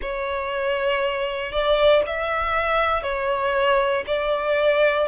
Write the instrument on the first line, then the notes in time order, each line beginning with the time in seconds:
violin
0.01 C#5
1.52 D5
2.06 E5
3.02 C#5
4.06 D5